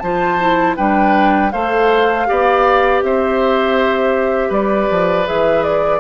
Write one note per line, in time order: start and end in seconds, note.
0.00 0.78 F3
0.00 0.40 F4
0.00 0.77 C5
0.00 0.75 A5
0.40 0.77 E4
0.77 1.53 G3
0.77 1.52 D4
0.77 1.52 B4
0.77 1.52 G5
1.52 2.28 A3
1.52 2.26 A4
1.52 2.28 C5
1.52 3.02 F5
2.26 3.03 B3
2.26 5.26 G4
2.26 3.04 D5
3.03 4.50 C4
3.03 4.49 C5
3.03 4.53 E5
4.49 4.88 G3
4.49 5.99 B4
4.49 5.28 D5
4.91 5.28 F3
5.26 6.00 E3
5.26 6.00 G#4
5.26 5.64 E5
5.64 6.00 D5